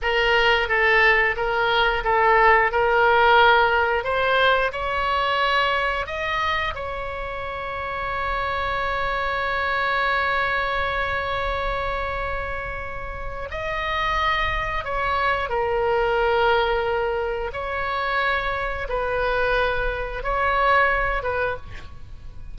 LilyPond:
\new Staff \with { instrumentName = "oboe" } { \time 4/4 \tempo 4 = 89 ais'4 a'4 ais'4 a'4 | ais'2 c''4 cis''4~ | cis''4 dis''4 cis''2~ | cis''1~ |
cis''1 | dis''2 cis''4 ais'4~ | ais'2 cis''2 | b'2 cis''4. b'8 | }